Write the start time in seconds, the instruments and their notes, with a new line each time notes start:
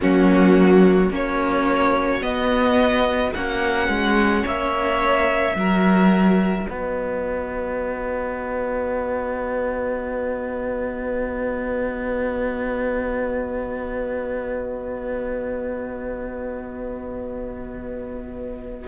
0.00 cello F#3, viola A#3, violin C#4 F#4
1.10 cello A#3, viola C#4, violin F#4 C#5
2.21 cello B3, viola B3, violin D#5
3.34 cello A#3, viola C#4, violin F#5
3.88 cello G#3
4.42 cello A#3, violin C#5 E5
5.55 cello F#3, viola F#4, violin A#4
6.67 cello B3, violin B4 D#5